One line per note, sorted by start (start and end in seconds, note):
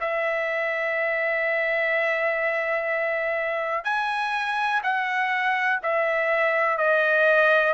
0.00 3.84 E5
3.84 4.81 G#5
4.83 5.80 F#5
5.83 6.77 E5
6.77 7.73 D#5